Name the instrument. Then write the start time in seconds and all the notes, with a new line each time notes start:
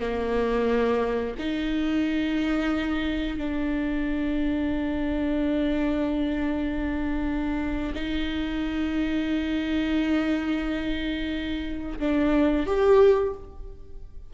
viola
0.00 A#3
1.39 D#4
3.37 D4
7.94 D#4
11.99 D4
12.66 G4